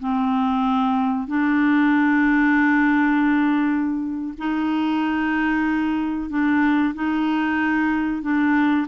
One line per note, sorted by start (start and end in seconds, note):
0.00 1.28 C4
1.28 4.34 D4
4.38 6.30 D#4
6.30 6.94 D4
6.95 8.23 D#4
8.23 8.87 D4